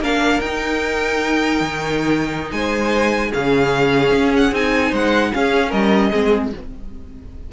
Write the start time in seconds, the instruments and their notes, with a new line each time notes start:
0.00 cello A#3, viola D4, violin A#4 F5
0.41 cello D#4, viola D#4, violin G5
1.61 cello D#3
2.52 cello G#3, violin C5 G#5
3.30 cello C#3, viola C#4, violin G#4 F5
4.12 cello C#4
4.36 violin F#5
4.52 cello C4, viola D#4, violin G#5
4.90 cello G#3, violin C5 F#5
5.33 viola C#4, cello C#4, violin G#4 F5
5.70 cello G3, violin A#4 D#5
6.11 cello G#3, viola C4, violin G#4